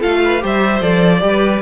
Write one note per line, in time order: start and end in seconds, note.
0.00 0.44 A3
0.00 0.40 F4
0.00 0.20 A4
0.00 0.43 F5
0.25 0.43 B4
0.40 0.82 G3
0.40 0.81 G4
0.40 1.23 C5
0.47 0.82 E5
0.82 1.22 F3
0.82 1.20 A4
0.82 1.62 D5
1.20 1.62 G3
1.20 1.60 G4
1.28 1.63 B4